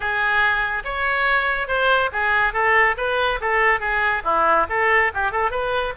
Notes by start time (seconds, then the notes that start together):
0.00 G#4
0.84 C#5
1.67 C5
2.12 G#4
2.53 A4
2.97 B4
3.40 A4
3.80 G#4
4.24 E4
4.69 A4
5.14 G4
5.31 A4
5.50 B4